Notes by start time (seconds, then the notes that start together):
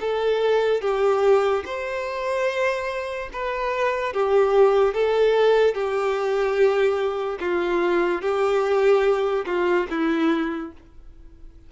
0.00 A4
0.81 G4
1.65 C5
3.33 B4
4.13 G4
4.94 A4
5.74 G4
7.39 F4
8.22 G4
9.45 F4
9.90 E4